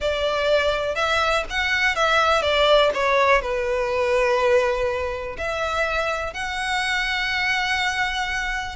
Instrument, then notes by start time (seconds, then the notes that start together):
violin
0.00 D5
0.95 E5
1.50 F#5
1.95 E5
2.42 D5
2.94 C#5
3.41 B4
5.37 E5
6.33 F#5